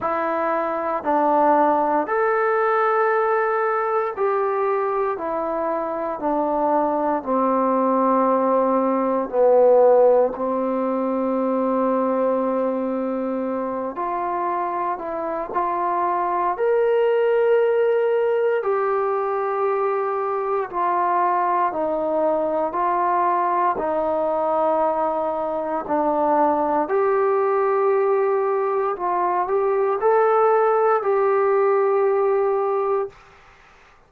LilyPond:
\new Staff \with { instrumentName = "trombone" } { \time 4/4 \tempo 4 = 58 e'4 d'4 a'2 | g'4 e'4 d'4 c'4~ | c'4 b4 c'2~ | c'4. f'4 e'8 f'4 |
ais'2 g'2 | f'4 dis'4 f'4 dis'4~ | dis'4 d'4 g'2 | f'8 g'8 a'4 g'2 | }